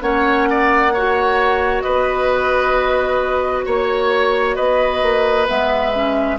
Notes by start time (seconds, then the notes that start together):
0.00 A#3 C#4 C#5 F#5
0.50 D5
0.93 F#4 C#5
1.81 B3 B4 D#5
3.65 A#3 C#5
4.55 B3 B4 D#5
5.02 A#3
5.47 G#3 B3 E5
5.93 C#4